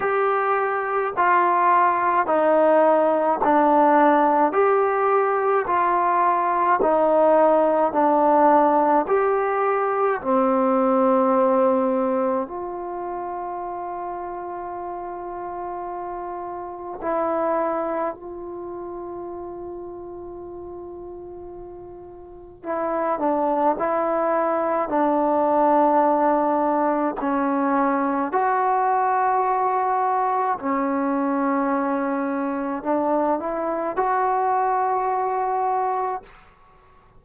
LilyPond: \new Staff \with { instrumentName = "trombone" } { \time 4/4 \tempo 4 = 53 g'4 f'4 dis'4 d'4 | g'4 f'4 dis'4 d'4 | g'4 c'2 f'4~ | f'2. e'4 |
f'1 | e'8 d'8 e'4 d'2 | cis'4 fis'2 cis'4~ | cis'4 d'8 e'8 fis'2 | }